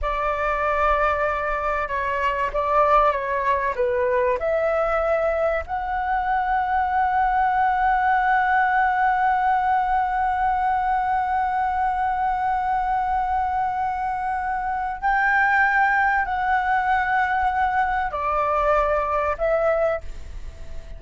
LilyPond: \new Staff \with { instrumentName = "flute" } { \time 4/4 \tempo 4 = 96 d''2. cis''4 | d''4 cis''4 b'4 e''4~ | e''4 fis''2.~ | fis''1~ |
fis''1~ | fis''1 | g''2 fis''2~ | fis''4 d''2 e''4 | }